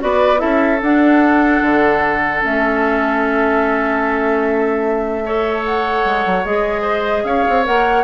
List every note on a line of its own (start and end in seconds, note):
0.00 0.43 B3
0.00 0.38 F#4
0.00 0.41 B4
0.00 0.40 D5
0.38 0.82 C#4
0.38 0.78 E4
0.38 5.24 A4
0.38 0.80 E5
0.82 1.62 D4
0.82 2.41 D4
0.82 2.44 F#5
1.62 2.42 D3
2.41 6.05 A3
2.41 5.23 C#4
2.41 5.65 E5
5.26 6.45 A4
5.26 6.82 C#5
5.65 6.46 F#5
6.05 6.25 G#3
6.26 6.45 F#3
6.45 7.24 G#3
6.45 7.64 G#4
6.45 7.25 D#5
6.82 7.23 C5
7.24 7.45 C#4
7.24 8.05 C#5
7.24 7.65 F5
7.49 7.68 C4
7.64 8.05 A#3
7.64 8.05 A#4
7.64 8.05 F#5